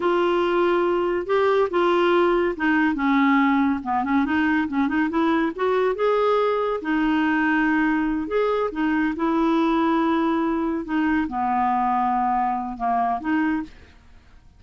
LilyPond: \new Staff \with { instrumentName = "clarinet" } { \time 4/4 \tempo 4 = 141 f'2. g'4 | f'2 dis'4 cis'4~ | cis'4 b8 cis'8 dis'4 cis'8 dis'8 | e'4 fis'4 gis'2 |
dis'2.~ dis'8 gis'8~ | gis'8 dis'4 e'2~ e'8~ | e'4. dis'4 b4.~ | b2 ais4 dis'4 | }